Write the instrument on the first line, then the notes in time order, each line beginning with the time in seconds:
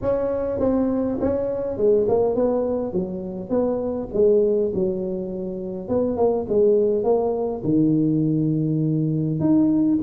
tuba
0.01 C#4
0.59 C4
1.20 C#4
1.77 G#3
2.08 A#3
2.35 B3
2.93 F#3
3.49 B3
4.13 G#3
4.74 F#3
5.88 B3
6.16 A#3
6.48 G#3
7.03 A#3
7.63 D#3
9.40 D#4